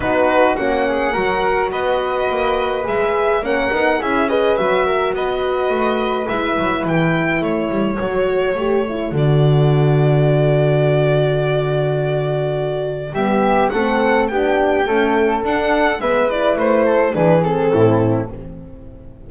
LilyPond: <<
  \new Staff \with { instrumentName = "violin" } { \time 4/4 \tempo 4 = 105 b'4 fis''2 dis''4~ | dis''4 e''4 fis''4 e''8 dis''8 | e''4 dis''2 e''4 | g''4 cis''2. |
d''1~ | d''2. e''4 | fis''4 g''2 fis''4 | e''8 d''8 c''4 b'8 a'4. | }
  \new Staff \with { instrumentName = "flute" } { \time 4/4 fis'4. gis'8 ais'4 b'4~ | b'2 ais'4 gis'8 b'8~ | b'8 ais'8 b'2.~ | b'4 a'2.~ |
a'1~ | a'2. g'4 | a'4 g'4 a'2 | b'4. a'8 gis'4 e'4 | }
  \new Staff \with { instrumentName = "horn" } { \time 4/4 dis'4 cis'4 fis'2~ | fis'4 gis'4 cis'8 dis'8 e'8 gis'8 | fis'2. e'4~ | e'2 fis'4 g'8 e'8 |
fis'1~ | fis'2. b4 | c'4 d'4 a4 d'4 | b8 e'4. d'8 c'4. | }
  \new Staff \with { instrumentName = "double bass" } { \time 4/4 b4 ais4 fis4 b4 | ais4 gis4 ais8 b8 cis'4 | fis4 b4 a4 gis8 fis8 | e4 a8 g8 fis4 a4 |
d1~ | d2. g4 | a4 b4 cis'4 d'4 | gis4 a4 e4 a,4 | }
>>